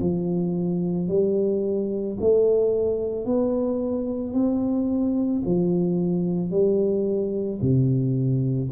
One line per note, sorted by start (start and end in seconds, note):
0.00 1.08 F3
1.08 2.17 G3
2.20 3.25 A3
3.25 4.33 B3
4.33 5.42 C4
5.45 6.51 F3
6.51 7.60 G3
7.61 8.70 C3